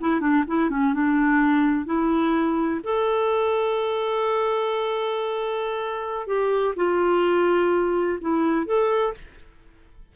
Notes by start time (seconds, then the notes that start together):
0.00 E4
0.20 D4
0.47 E4
0.70 C#4
0.94 D4
1.85 E4
2.83 A4
6.27 G4
6.76 F4
8.21 E4
8.66 A4